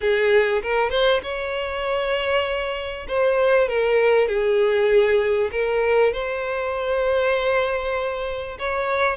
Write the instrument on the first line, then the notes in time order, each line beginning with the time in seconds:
violin
0.00 G#4
0.62 A#4
0.90 C5
1.22 C#5
3.08 C5
3.68 A#4
4.28 G#4
5.51 A#4
6.12 C5
8.59 C#5